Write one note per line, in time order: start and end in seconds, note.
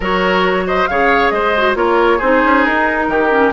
0.00 0.86 F#3
0.00 0.89 F#4
0.00 0.64 A#4
0.00 0.67 C#5
0.67 0.89 C5
0.67 0.87 D#5
0.87 1.31 C#3
0.87 1.55 G#4
0.87 1.33 C#5
0.87 1.30 F5
1.30 1.75 G#3
1.30 1.77 C5
1.30 1.74 D#5
1.57 1.75 F#4
1.75 2.19 A#3
1.75 2.19 F4
1.75 2.17 A#4
1.75 2.20 C#5
2.17 2.43 C4
2.17 3.30 D#4
2.17 3.06 G#4
2.17 2.64 C5
2.43 2.66 C#4
2.64 3.07 D#4
2.64 3.52 A#4
3.07 3.52 D#3
3.07 3.53 G4
3.30 3.52 C#4